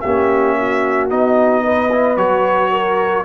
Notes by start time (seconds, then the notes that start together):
0.00 A#3 C#4 G4 E5
0.57 F#4
1.09 B3 D#4 D#5
1.63 B4
1.91 E4
2.16 F#3 F#4 C#5
2.71 A#4